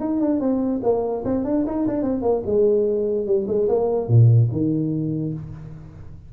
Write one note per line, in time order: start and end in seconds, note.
0.00 0.20 D#4
0.20 0.40 D4
0.40 0.81 C4
0.83 1.24 A#3
1.24 1.44 C4
1.44 1.65 D4
1.66 1.86 D#4
1.87 2.02 D4
2.02 2.22 C4
2.22 2.42 A#3
2.46 3.26 G#3
3.26 3.47 G3
3.47 3.68 G#3
3.68 4.08 A#3
4.08 4.49 A#2
4.52 5.33 D#3